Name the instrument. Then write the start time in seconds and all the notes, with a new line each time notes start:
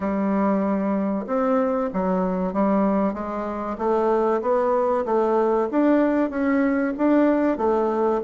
bassoon
0.00 G3
1.27 C4
1.93 F#3
2.53 G3
3.13 G#3
3.78 A3
4.41 B3
5.05 A3
5.71 D4
6.30 C#4
6.97 D4
7.57 A3